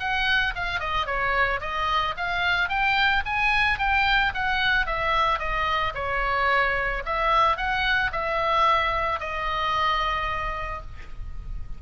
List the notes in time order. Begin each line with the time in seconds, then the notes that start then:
0.00 F#5
0.56 F5
0.80 D#5
1.06 C#5
1.61 D#5
2.17 F5
2.69 G5
3.26 G#5
3.79 G5
4.34 F#5
4.86 E5
5.39 D#5
5.95 C#5
7.06 E5
7.57 F#5
8.13 E5
9.20 D#5